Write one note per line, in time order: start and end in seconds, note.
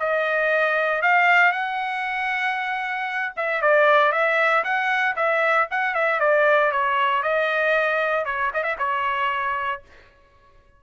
0.00 1.02 D#5
1.02 1.52 F5
1.52 3.33 F#5
3.37 3.62 E5
3.62 4.13 D5
4.13 4.64 E5
4.64 5.16 F#5
5.17 5.68 E5
5.71 5.95 F#5
5.95 6.21 E5
6.21 6.72 D5
6.72 7.23 C#5
7.23 8.26 D#5
8.26 8.52 C#5
8.54 8.64 D#5
8.64 8.77 E5
8.79 9.83 C#5